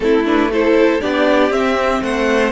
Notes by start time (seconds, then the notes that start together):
0.00 A3 C4 E4 A4
0.25 D4 B4
0.52 E4 A4 C5
1.00 B3 D4 G4 D5
1.50 C4 E5
2.01 A3 C5 F#5